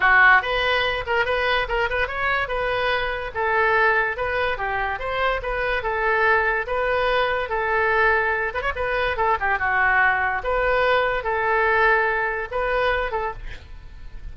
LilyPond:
\new Staff \with { instrumentName = "oboe" } { \time 4/4 \tempo 4 = 144 fis'4 b'4. ais'8 b'4 | ais'8 b'8 cis''4 b'2 | a'2 b'4 g'4 | c''4 b'4 a'2 |
b'2 a'2~ | a'8 b'16 cis''16 b'4 a'8 g'8 fis'4~ | fis'4 b'2 a'4~ | a'2 b'4. a'8 | }